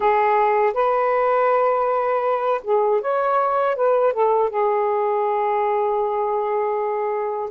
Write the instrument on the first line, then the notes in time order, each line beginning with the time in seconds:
saxophone
0.00 G#4
0.73 B4
2.63 G#4
3.01 C#5
3.75 B4
4.12 A4
4.49 G#4